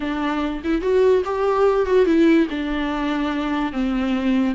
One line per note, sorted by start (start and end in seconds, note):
0.00 0.62 D4
0.63 0.81 E4
0.81 1.22 F#4
1.24 1.85 G4
1.85 2.05 F#4
2.05 2.47 E4
2.50 3.72 D4
3.72 4.55 C4